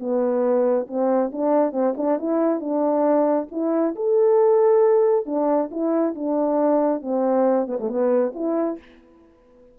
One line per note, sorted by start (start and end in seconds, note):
0.00 0.88 B3
0.88 1.32 C4
1.33 1.73 D4
1.73 1.94 C4
1.97 2.19 D4
2.19 2.61 E4
2.61 3.48 D4
3.52 3.96 E4
3.96 5.26 A4
5.26 5.70 D4
5.71 6.15 E4
6.15 7.02 D4
7.02 7.67 C4
7.67 7.78 B3
7.80 7.89 A3
7.89 8.33 B3
8.35 8.79 E4